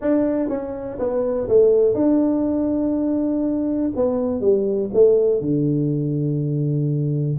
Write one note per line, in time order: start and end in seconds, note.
0.01 0.49 D4
0.49 0.98 C#4
0.99 1.48 B3
1.48 1.94 A3
1.94 3.91 D4
3.95 4.40 B3
4.40 4.90 G3
4.93 5.41 A3
5.41 7.37 D3